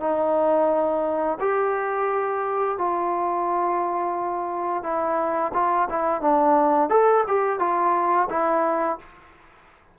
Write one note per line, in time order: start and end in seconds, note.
0.00 1.38 D#4
1.40 2.78 G4
2.78 4.83 F4
4.83 5.52 E4
5.54 5.88 F4
5.89 6.21 E4
6.21 6.89 D4
6.89 7.24 A4
7.27 7.59 G4
7.59 8.28 F4
8.29 8.98 E4